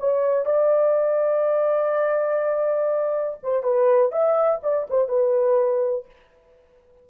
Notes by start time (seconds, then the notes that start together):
0.00 C#5
0.46 D5
3.43 C5
3.63 B4
4.12 E5
4.64 D5
4.90 C5
5.09 B4